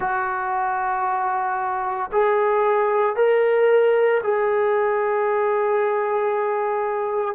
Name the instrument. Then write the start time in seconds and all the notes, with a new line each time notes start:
trombone
0.00 F#4
2.11 G#4
3.16 A#4
4.23 G#4